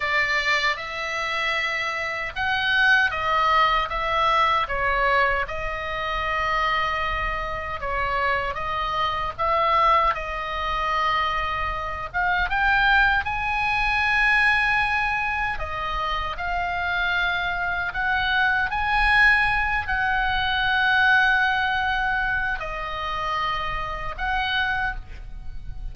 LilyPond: \new Staff \with { instrumentName = "oboe" } { \time 4/4 \tempo 4 = 77 d''4 e''2 fis''4 | dis''4 e''4 cis''4 dis''4~ | dis''2 cis''4 dis''4 | e''4 dis''2~ dis''8 f''8 |
g''4 gis''2. | dis''4 f''2 fis''4 | gis''4. fis''2~ fis''8~ | fis''4 dis''2 fis''4 | }